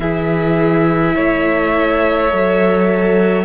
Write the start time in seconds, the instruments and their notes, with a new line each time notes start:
0.00 cello E3, viola E4, violin G#4 E5
1.16 cello A3, violin C#5
2.31 cello F#3, viola A4